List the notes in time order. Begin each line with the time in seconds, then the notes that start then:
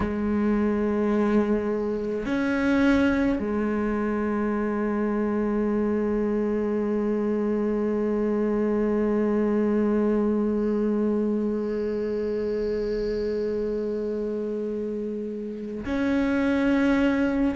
0.00 G#3
2.25 C#4
3.39 G#3
15.85 C#4